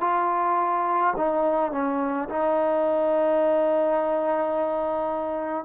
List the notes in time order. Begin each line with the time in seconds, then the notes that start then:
0.00 F4
1.16 D#4
1.71 C#4
2.28 D#4